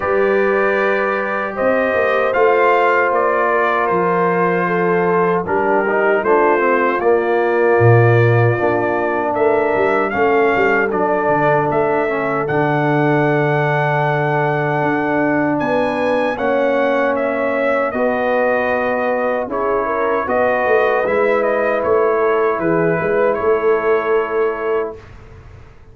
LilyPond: <<
  \new Staff \with { instrumentName = "trumpet" } { \time 4/4 \tempo 4 = 77 d''2 dis''4 f''4 | d''4 c''2 ais'4 | c''4 d''2. | e''4 f''4 d''4 e''4 |
fis''1 | gis''4 fis''4 e''4 dis''4~ | dis''4 cis''4 dis''4 e''8 dis''8 | cis''4 b'4 cis''2 | }
  \new Staff \with { instrumentName = "horn" } { \time 4/4 b'2 c''2~ | c''8 ais'4. a'4 g'4 | f'1 | ais'4 a'2.~ |
a'1 | b'4 cis''2 b'4~ | b'4 gis'8 ais'8 b'2~ | b'8 a'8 gis'8 b'8 a'2 | }
  \new Staff \with { instrumentName = "trombone" } { \time 4/4 g'2. f'4~ | f'2. d'8 dis'8 | d'8 c'8 ais2 d'4~ | d'4 cis'4 d'4. cis'8 |
d'1~ | d'4 cis'2 fis'4~ | fis'4 e'4 fis'4 e'4~ | e'1 | }
  \new Staff \with { instrumentName = "tuba" } { \time 4/4 g2 c'8 ais8 a4 | ais4 f2 g4 | a4 ais4 ais,4 ais4 | a8 g8 a8 g8 fis8 d8 a4 |
d2. d'4 | b4 ais2 b4~ | b4 cis'4 b8 a8 gis4 | a4 e8 gis8 a2 | }
>>